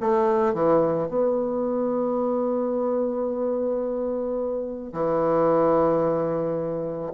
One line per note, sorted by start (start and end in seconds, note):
0.00 0.54 A3
0.54 1.08 E3
1.08 4.93 B3
4.93 7.13 E3